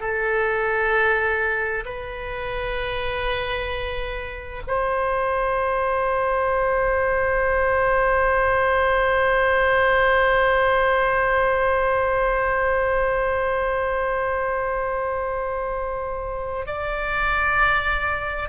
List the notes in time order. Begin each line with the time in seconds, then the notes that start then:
0.00 A4
1.85 B4
4.67 C5
16.67 D5